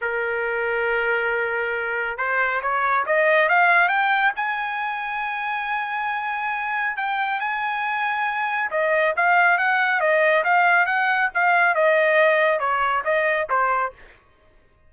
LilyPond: \new Staff \with { instrumentName = "trumpet" } { \time 4/4 \tempo 4 = 138 ais'1~ | ais'4 c''4 cis''4 dis''4 | f''4 g''4 gis''2~ | gis''1 |
g''4 gis''2. | dis''4 f''4 fis''4 dis''4 | f''4 fis''4 f''4 dis''4~ | dis''4 cis''4 dis''4 c''4 | }